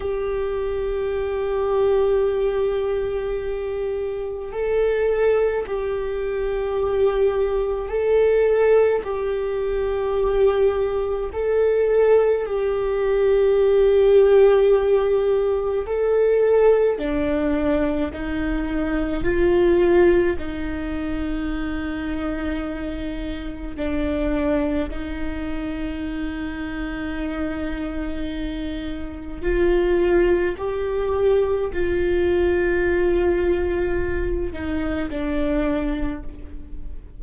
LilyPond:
\new Staff \with { instrumentName = "viola" } { \time 4/4 \tempo 4 = 53 g'1 | a'4 g'2 a'4 | g'2 a'4 g'4~ | g'2 a'4 d'4 |
dis'4 f'4 dis'2~ | dis'4 d'4 dis'2~ | dis'2 f'4 g'4 | f'2~ f'8 dis'8 d'4 | }